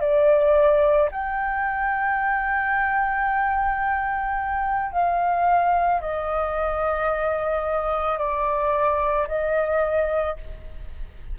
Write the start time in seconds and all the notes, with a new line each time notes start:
0.00 D5
1.11 G5
4.91 F5
6.00 D#5
8.18 D5
9.27 D#5